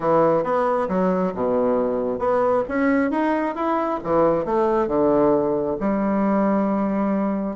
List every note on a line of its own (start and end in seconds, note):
0.00 0.43 E3
0.43 0.88 B3
0.88 1.33 F#3
1.35 2.18 B2
2.18 2.63 B3
2.68 3.10 C#4
3.10 3.55 D#4
3.55 3.99 E4
4.03 4.45 E3
4.45 4.87 A3
4.87 5.76 D3
5.80 7.56 G3